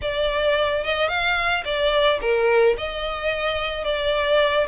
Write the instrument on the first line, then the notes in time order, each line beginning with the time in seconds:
violin
0.01 D5
0.84 D#5
1.08 F5
1.64 D5
2.21 A#4
2.77 D#5
3.84 D5